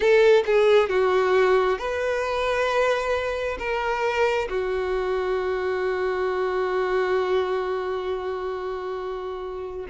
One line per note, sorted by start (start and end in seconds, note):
0.00 0.43 A4
0.46 0.89 G#4
0.89 1.78 F#4
1.78 3.57 B4
3.58 4.48 A#4
4.49 9.86 F#4